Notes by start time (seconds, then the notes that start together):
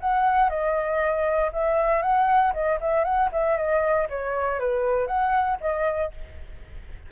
0.00 F#5
0.49 D#5
1.52 E5
2.02 F#5
2.53 D#5
2.80 E5
3.04 F#5
3.32 E5
3.57 D#5
4.09 C#5
4.59 B4
5.07 F#5
5.61 D#5